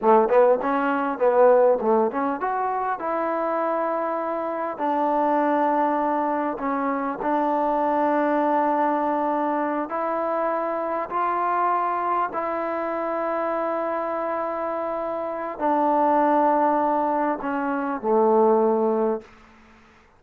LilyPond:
\new Staff \with { instrumentName = "trombone" } { \time 4/4 \tempo 4 = 100 a8 b8 cis'4 b4 a8 cis'8 | fis'4 e'2. | d'2. cis'4 | d'1~ |
d'8 e'2 f'4.~ | f'8 e'2.~ e'8~ | e'2 d'2~ | d'4 cis'4 a2 | }